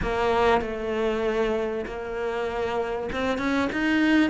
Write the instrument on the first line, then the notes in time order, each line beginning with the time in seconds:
cello
0.01 A#3
0.61 A3
1.86 A#3
3.12 C4
3.38 C#4
3.72 D#4